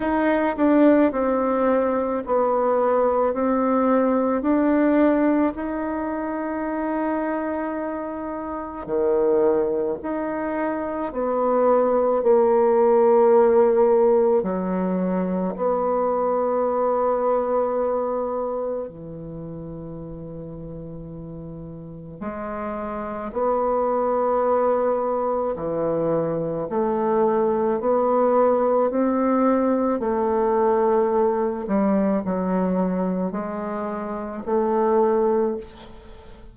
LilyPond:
\new Staff \with { instrumentName = "bassoon" } { \time 4/4 \tempo 4 = 54 dis'8 d'8 c'4 b4 c'4 | d'4 dis'2. | dis4 dis'4 b4 ais4~ | ais4 fis4 b2~ |
b4 e2. | gis4 b2 e4 | a4 b4 c'4 a4~ | a8 g8 fis4 gis4 a4 | }